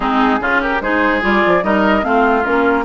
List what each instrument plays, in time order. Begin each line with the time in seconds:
0.00 bassoon G#3, clarinet C4, oboe D#4, flute G#4
0.40 bassoon C#3, clarinet C#4, oboe F4
0.61 oboe G4, flute A#4
0.80 bassoon G#3, clarinet D#4, oboe G#4, flute C5
1.21 bassoon G3, clarinet F4, flute D5
1.45 bassoon F3
1.62 bassoon G3, clarinet D#4, oboe A#4, flute D#5
2.02 bassoon A3, clarinet C4, oboe F4, flute F5
2.44 bassoon A#3, clarinet C#4, flute A#4